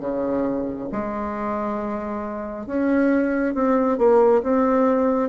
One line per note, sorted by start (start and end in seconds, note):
0.00 0.88 C#3
0.92 2.67 G#3
2.67 3.54 C#4
3.54 3.98 C4
3.98 4.42 A#3
4.43 5.29 C4